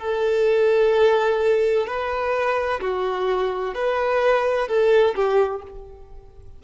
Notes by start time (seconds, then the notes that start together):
0.00 A4
1.87 B4
2.81 F#4
3.75 B4
4.69 A4
5.16 G4